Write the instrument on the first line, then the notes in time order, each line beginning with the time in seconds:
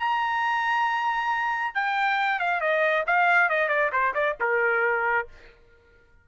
trumpet
0.00 A#5
1.75 G5
2.40 F5
2.61 D#5
3.07 F5
3.50 D#5
3.69 D5
3.93 C5
4.15 D5
4.41 A#4